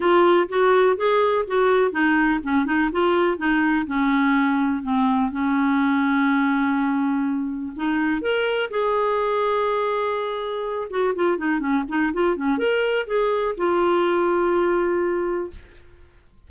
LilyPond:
\new Staff \with { instrumentName = "clarinet" } { \time 4/4 \tempo 4 = 124 f'4 fis'4 gis'4 fis'4 | dis'4 cis'8 dis'8 f'4 dis'4 | cis'2 c'4 cis'4~ | cis'1 |
dis'4 ais'4 gis'2~ | gis'2~ gis'8 fis'8 f'8 dis'8 | cis'8 dis'8 f'8 cis'8 ais'4 gis'4 | f'1 | }